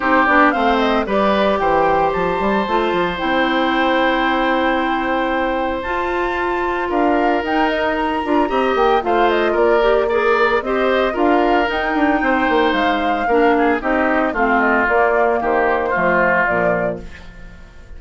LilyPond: <<
  \new Staff \with { instrumentName = "flute" } { \time 4/4 \tempo 4 = 113 c''8 d''8 f''8 dis''8 d''4 g''4 | a''2 g''2~ | g''2. a''4~ | a''4 f''4 g''8 dis''8 ais''4~ |
ais''8 g''8 f''8 dis''8 d''4 ais'4 | dis''4 f''4 g''2 | f''2 dis''4 f''8 dis''8 | d''4 c''2 d''4 | }
  \new Staff \with { instrumentName = "oboe" } { \time 4/4 g'4 c''4 b'4 c''4~ | c''1~ | c''1~ | c''4 ais'2. |
dis''4 c''4 ais'4 d''4 | c''4 ais'2 c''4~ | c''4 ais'8 gis'8 g'4 f'4~ | f'4 g'4 f'2 | }
  \new Staff \with { instrumentName = "clarinet" } { \time 4/4 dis'8 d'8 c'4 g'2~ | g'4 f'4 e'2~ | e'2. f'4~ | f'2 dis'4. f'8 |
g'4 f'4. g'8 gis'4 | g'4 f'4 dis'2~ | dis'4 d'4 dis'4 c'4 | ais2 a4 f4 | }
  \new Staff \with { instrumentName = "bassoon" } { \time 4/4 c'8 b8 a4 g4 e4 | f8 g8 a8 f8 c'2~ | c'2. f'4~ | f'4 d'4 dis'4. d'8 |
c'8 ais8 a4 ais2 | c'4 d'4 dis'8 d'8 c'8 ais8 | gis4 ais4 c'4 a4 | ais4 dis4 f4 ais,4 | }
>>